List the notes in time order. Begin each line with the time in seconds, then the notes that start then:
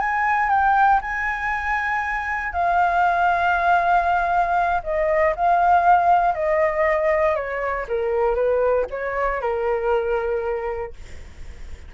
0.00 G#5
0.49 G5
1.01 G#5
2.53 F5
4.84 D#5
5.36 F5
6.35 D#5
7.36 C#5
7.89 A#4
8.35 B4
8.91 C#5
9.41 A#4